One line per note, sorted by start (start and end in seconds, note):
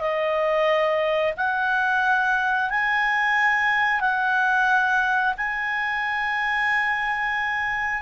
0.00 1.33 D#5
1.37 2.70 F#5
2.70 4.01 G#5
4.01 5.34 F#5
5.37 8.02 G#5